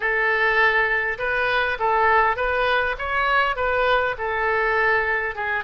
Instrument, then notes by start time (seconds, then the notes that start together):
oboe
0.00 A4
1.18 B4
1.79 A4
2.36 B4
2.98 C#5
3.56 B4
4.17 A4
5.35 G#4